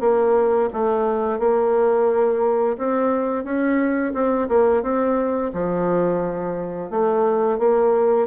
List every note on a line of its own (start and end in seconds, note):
0.00 0.69 A#3
0.73 1.39 A3
1.39 2.76 A#3
2.77 3.44 C4
3.44 4.13 C#4
4.13 4.48 C4
4.48 4.82 A#3
4.82 5.51 C4
5.53 6.90 F3
6.90 7.58 A3
7.58 8.27 A#3